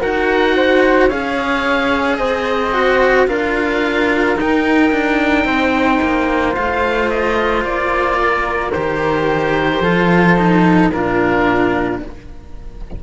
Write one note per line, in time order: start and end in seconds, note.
0.00 1.10 D#4
0.00 1.09 F#4
0.00 0.55 A#4
0.00 1.09 F#5
0.55 1.07 C5
1.07 2.17 C#4
1.07 2.73 G#4
1.07 2.16 C#5
1.07 2.17 F5
2.17 3.27 C4
2.17 3.27 C5
2.17 3.26 D#5
2.73 3.27 F#4
3.27 4.36 D4
3.27 4.36 F4
3.27 5.45 A#4
3.27 4.37 F5
4.36 4.91 D#4
4.36 6.52 D#4
4.36 6.55 G5
4.91 5.44 D4
5.44 5.99 C4
5.44 8.18 C5
6.02 6.56 A#3
6.52 7.64 A3
6.52 8.70 F4
6.52 7.09 F5
7.09 7.64 D#5
7.64 8.73 A#3
7.64 8.71 D5
8.21 9.82 A#4
8.71 9.80 D#3
8.71 9.83 G4
8.71 10.89 C5
9.80 10.89 F3
9.80 10.36 F4
9.80 10.91 A4
10.36 10.91 D#4
10.90 11.99 A#2
10.90 12.03 D4
10.90 12.01 F4
10.90 12.00 A#4